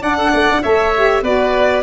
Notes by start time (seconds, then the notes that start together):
0.00 D4 D5 F#5
0.18 A4
0.31 A3 D5
0.50 D4
0.63 A3 A4 C#5 E5
0.95 G4
1.22 B3 F#4 B4 D5